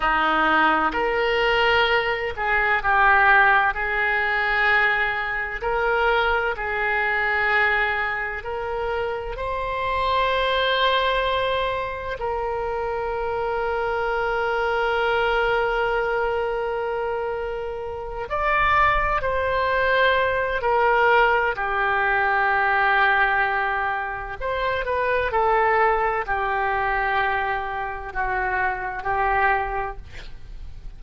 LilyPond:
\new Staff \with { instrumentName = "oboe" } { \time 4/4 \tempo 4 = 64 dis'4 ais'4. gis'8 g'4 | gis'2 ais'4 gis'4~ | gis'4 ais'4 c''2~ | c''4 ais'2.~ |
ais'2.~ ais'8 d''8~ | d''8 c''4. ais'4 g'4~ | g'2 c''8 b'8 a'4 | g'2 fis'4 g'4 | }